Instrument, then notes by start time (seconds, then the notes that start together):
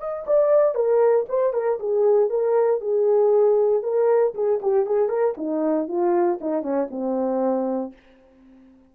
horn
0.00 D#5
0.27 D5
0.75 A#4
1.29 C5
1.54 A#4
1.80 G#4
2.30 A#4
2.81 G#4
3.83 A#4
4.35 G#4
4.62 G4
4.86 G#4
5.09 A#4
5.38 D#4
5.89 F4
6.41 D#4
6.63 C#4
6.91 C4